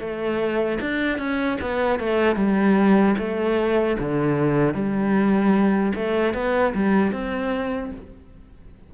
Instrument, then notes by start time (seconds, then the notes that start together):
cello
0.00 A3
0.81 D4
1.18 C#4
1.61 B3
2.00 A3
2.36 G3
3.18 A3
3.99 D3
4.74 G3
5.95 A3
6.34 B3
6.75 G3
7.13 C4